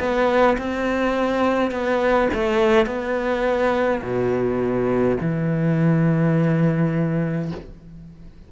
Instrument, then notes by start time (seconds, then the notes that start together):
cello
0.00 B3
0.58 C4
1.72 B3
2.34 A3
2.86 B3
4.02 B2
5.21 E3